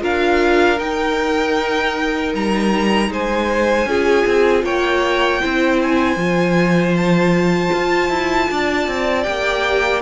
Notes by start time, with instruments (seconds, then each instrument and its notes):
0.00 cello D4, viola F4, violin A#4 F5
0.77 viola D#4, cello D#4, violin G5
2.34 cello G3, violin A#5
3.09 cello G#3, violin C5 G#5
3.85 cello C#4, viola F4, violin G#4
4.26 cello C4
4.63 cello A#3, violin C#5 G5
5.41 cello C4, viola E4, violin C5
5.82 violin G#5
6.16 cello F3, viola F4
6.96 violin A5
7.73 cello F4
8.09 cello E4
8.50 cello D4, violin D5
8.87 cello C4
9.23 cello A#3, viola G4, violin G5